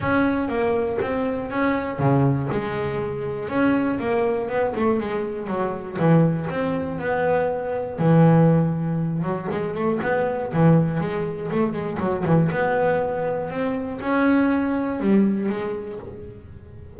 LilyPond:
\new Staff \with { instrumentName = "double bass" } { \time 4/4 \tempo 4 = 120 cis'4 ais4 c'4 cis'4 | cis4 gis2 cis'4 | ais4 b8 a8 gis4 fis4 | e4 c'4 b2 |
e2~ e8 fis8 gis8 a8 | b4 e4 gis4 a8 gis8 | fis8 e8 b2 c'4 | cis'2 g4 gis4 | }